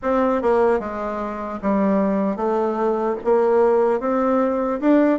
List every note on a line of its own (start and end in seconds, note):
0.02 0.41 C4
0.41 0.79 A#3
0.79 1.59 G#3
1.61 2.36 G3
2.36 3.16 A3
3.24 4.00 A#3
4.00 4.80 C4
4.80 5.19 D4